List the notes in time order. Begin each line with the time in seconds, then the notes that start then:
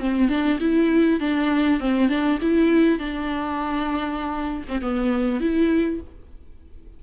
0.00 C4
0.29 D4
0.61 E4
1.21 D4
1.81 C4
2.09 D4
2.42 E4
2.99 D4
4.69 C4
4.82 B3
5.41 E4